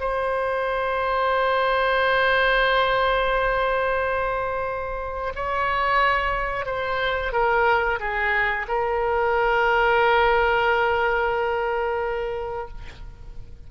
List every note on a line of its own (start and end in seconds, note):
0.00 5.33 C5
5.35 6.66 C#5
6.66 7.32 C5
7.33 7.99 A#4
8.00 8.66 G#4
8.68 12.68 A#4